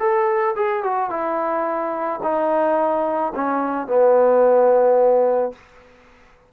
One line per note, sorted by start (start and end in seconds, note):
0.00 0.55 A4
0.56 0.83 G#4
0.83 1.10 F#4
1.10 2.20 E4
2.23 3.33 D#4
3.35 3.87 C#4
3.87 5.52 B3